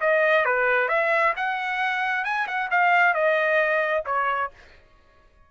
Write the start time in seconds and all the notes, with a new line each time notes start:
0.00 D#5
0.45 B4
0.88 E5
1.36 F#5
2.24 G#5
2.47 F#5
2.71 F5
3.14 D#5
4.05 C#5